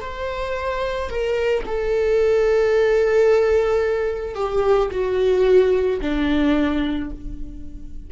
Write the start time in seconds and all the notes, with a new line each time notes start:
0.00 C5
1.09 A#4
1.66 A4
4.35 G4
4.91 F#4
6.01 D4